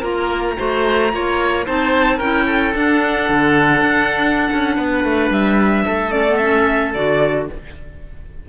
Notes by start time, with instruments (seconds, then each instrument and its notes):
0.00 cello A#3, clarinet F4, oboe A#4, violin A#5
0.57 cello A3, clarinet F#4, oboe C5
1.12 cello A#3, clarinet F4, oboe C#5
1.66 cello C4, clarinet D#4, oboe C5, violin A5
2.18 cello C#4, clarinet E4, oboe A#4, violin G5
2.46 oboe A4
2.75 clarinet D4, cello D4, violin F#5
3.30 cello D3
3.82 cello D4
4.54 cello C#4
4.77 cello B3, oboe B4
5.05 cello A3
5.31 cello G3, violin E5
5.86 cello A3, oboe A4
6.11 clarinet C#4, violin D5
6.28 clarinet B3
6.37 clarinet C#4, violin E5
6.94 cello D3, clarinet F#4, violin D5